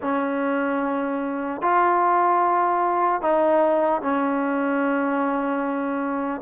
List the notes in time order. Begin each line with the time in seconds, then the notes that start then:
0.02 C#4
1.61 F4
3.21 D#4
4.01 C#4